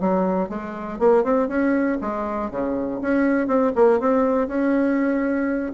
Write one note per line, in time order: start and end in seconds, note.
0.00 0.49 F#3
0.49 0.99 G#3
0.99 1.24 A#3
1.24 1.48 C4
1.48 1.98 C#4
2.01 2.50 G#3
2.50 3.00 C#3
3.01 3.47 C#4
3.47 3.72 C4
3.75 4.00 A#3
4.00 4.47 C4
4.47 5.72 C#4